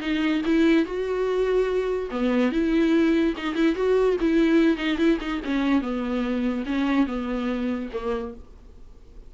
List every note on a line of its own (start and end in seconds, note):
0.00 0.41 D#4
0.45 0.85 E4
0.85 2.09 F#4
2.10 2.51 B3
2.51 3.34 E4
3.37 3.55 D#4
3.55 3.75 E4
3.75 4.16 F#4
4.20 4.77 E4
4.77 4.97 D#4
4.97 5.18 E4
5.20 5.41 D#4
5.44 5.81 C#4
5.81 6.64 B3
6.65 7.06 C#4
7.06 7.89 B3
7.93 8.34 A#3